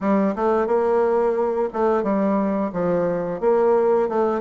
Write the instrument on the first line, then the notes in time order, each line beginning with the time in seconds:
bassoon
0.00 G3
0.35 A3
0.66 A#3
1.73 A3
2.03 G3
2.73 F3
3.40 A#3
4.08 A3